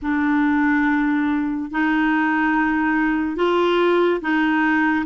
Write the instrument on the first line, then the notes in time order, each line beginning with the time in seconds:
clarinet
0.02 D4
1.70 D#4
3.36 F4
4.21 D#4